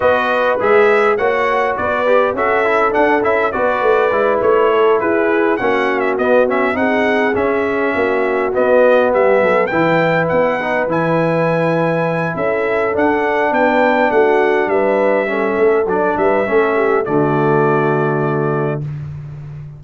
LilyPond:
<<
  \new Staff \with { instrumentName = "trumpet" } { \time 4/4 \tempo 4 = 102 dis''4 e''4 fis''4 d''4 | e''4 fis''8 e''8 d''4. cis''8~ | cis''8 b'4 fis''8. e''16 dis''8 e''8 fis''8~ | fis''8 e''2 dis''4 e''8~ |
e''8 g''4 fis''4 gis''4.~ | gis''4 e''4 fis''4 g''4 | fis''4 e''2 d''8 e''8~ | e''4 d''2. | }
  \new Staff \with { instrumentName = "horn" } { \time 4/4 b'2 cis''4 b'4 | a'2 b'2 | a'8 gis'4 fis'2 gis'8~ | gis'4. fis'2 g'8 |
a'8 b'2.~ b'8~ | b'4 a'2 b'4 | fis'4 b'4 a'4. b'8 | a'8 g'8 fis'2. | }
  \new Staff \with { instrumentName = "trombone" } { \time 4/4 fis'4 gis'4 fis'4. g'8 | fis'8 e'8 d'8 e'8 fis'4 e'4~ | e'4. cis'4 b8 cis'8 dis'8~ | dis'8 cis'2 b4.~ |
b8 e'4. dis'8 e'4.~ | e'2 d'2~ | d'2 cis'4 d'4 | cis'4 a2. | }
  \new Staff \with { instrumentName = "tuba" } { \time 4/4 b4 gis4 ais4 b4 | cis'4 d'8 cis'8 b8 a8 gis8 a8~ | a8 e'4 ais4 b4 c'8~ | c'8 cis'4 ais4 b4 g8 |
fis8 e4 b4 e4.~ | e4 cis'4 d'4 b4 | a4 g4. a8 fis8 g8 | a4 d2. | }
>>